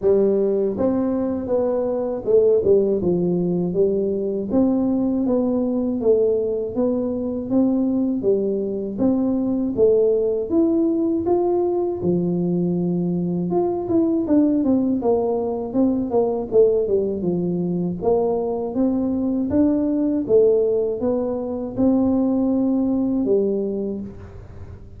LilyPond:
\new Staff \with { instrumentName = "tuba" } { \time 4/4 \tempo 4 = 80 g4 c'4 b4 a8 g8 | f4 g4 c'4 b4 | a4 b4 c'4 g4 | c'4 a4 e'4 f'4 |
f2 f'8 e'8 d'8 c'8 | ais4 c'8 ais8 a8 g8 f4 | ais4 c'4 d'4 a4 | b4 c'2 g4 | }